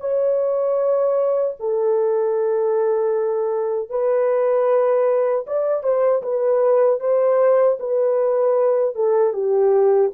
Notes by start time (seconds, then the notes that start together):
0.00 C#5
1.60 A4
3.90 B4
5.47 D5
5.83 C5
6.22 B4
7.00 C5
7.80 B4
8.95 A4
9.33 G4